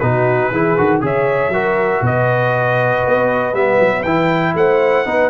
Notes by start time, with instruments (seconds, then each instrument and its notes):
0.00 tuba B2, trombone D#4, horn F#4, trumpet B4
0.51 tuba E3, trombone E4, horn G#4
0.78 tuba D#3, trombone F#4
1.01 tuba C#3, trombone G#4, horn C#5, trumpet E5
1.49 tuba F#3, trombone F#4, horn A#4
2.02 tuba B2, horn B4, trumpet D#5
3.07 tuba B3
3.54 tuba G3, trombone B3, trumpet E5
3.80 tuba F#3
4.03 tuba E3, trombone E4, trumpet G5
4.55 tuba A3, horn C5, trumpet F#5
5.06 tuba B3, trombone D#4, horn B4